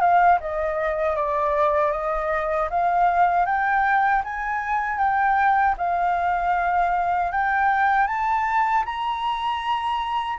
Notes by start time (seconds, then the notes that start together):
0.00 F5
0.40 D#5
1.15 D5
1.91 D#5
2.70 F5
3.45 G5
4.23 G#5
4.98 G5
5.77 F5
7.31 G5
8.07 A5
8.85 A#5